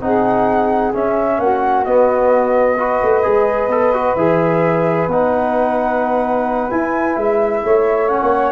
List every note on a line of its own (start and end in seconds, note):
0.00 0.92 C4
0.00 0.93 D#4
0.00 1.40 G#4
0.00 0.93 F#5
0.93 1.85 C#4
0.93 1.39 C#4
0.93 1.40 E5
1.39 1.85 A#3
1.39 2.77 F#4
1.39 1.84 F#5
1.84 2.78 B3
1.84 3.01 B3
1.84 4.15 D#5
2.77 3.23 F#4
2.77 7.61 B4
3.02 3.25 A3
3.23 3.68 G#3
3.23 3.69 G#4
3.68 4.14 B3
3.68 3.93 A4
3.93 4.17 F#4
4.15 5.07 E3
4.15 5.10 G#4
4.15 5.07 E5
5.07 6.69 B3
5.07 6.70 D#4
5.07 6.70 F#5
6.70 8.08 E4
6.70 7.16 E4
6.70 7.16 G#5
7.16 7.63 G#3
7.16 8.08 E5
7.63 8.21 A3
7.63 8.52 C#5
8.08 8.52 C#4
8.08 8.52 F#5
8.22 8.52 A#3